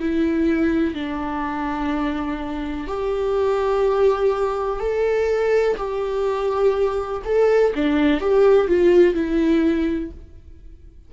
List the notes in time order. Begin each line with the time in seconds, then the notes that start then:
0.00 E4
0.94 D4
2.88 G4
4.80 A4
5.77 G4
7.24 A4
7.75 D4
8.21 G4
8.68 F4
9.15 E4